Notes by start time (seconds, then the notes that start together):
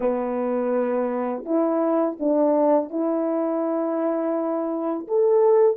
0.00 B3
1.45 E4
2.19 D4
2.90 E4
5.07 A4